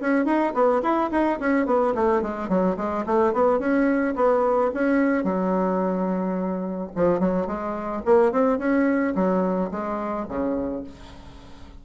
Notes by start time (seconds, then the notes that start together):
0.00 C#4
0.25 D#4
0.54 B3
0.82 E4
1.11 D#4
1.39 C#4
1.66 B3
1.94 A3
2.22 G#3
2.48 F#3
2.77 G#3
3.06 A3
3.33 B3
3.59 C#4
4.15 B3
4.73 C#4
5.24 F#3
6.95 F3
7.19 F#3
7.46 G#3
8.05 A#3
8.32 C4
8.58 C#4
9.15 F#3
9.71 G#3
10.28 C#3